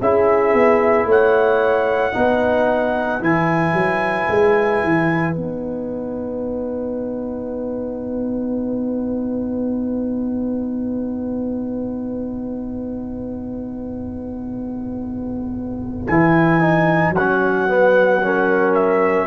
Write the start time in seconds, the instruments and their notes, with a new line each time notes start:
0.00 tuba C#4, trombone E4, horn G#4, trumpet E5
0.54 tuba B3
1.05 tuba A3, horn C#5, trumpet F#5
2.12 tuba B3, trombone D#4, horn B4
3.20 tuba E3, trombone E4, trumpet G#5
3.73 tuba F#3
4.29 tuba G#3
4.83 tuba E3
5.35 tuba B3, trombone D#4, trumpet F#5
16.07 tuba E3, trombone E4, trumpet G#5
16.60 trombone D#4
17.10 tuba F#3, trumpet F#5
17.19 trombone C#4
17.68 trombone B3
18.22 trombone C#4, horn A#4
18.75 trumpet E5